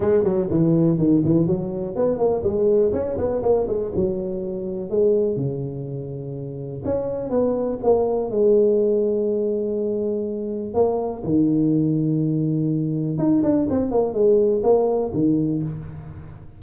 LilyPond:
\new Staff \with { instrumentName = "tuba" } { \time 4/4 \tempo 4 = 123 gis8 fis8 e4 dis8 e8 fis4 | b8 ais8 gis4 cis'8 b8 ais8 gis8 | fis2 gis4 cis4~ | cis2 cis'4 b4 |
ais4 gis2.~ | gis2 ais4 dis4~ | dis2. dis'8 d'8 | c'8 ais8 gis4 ais4 dis4 | }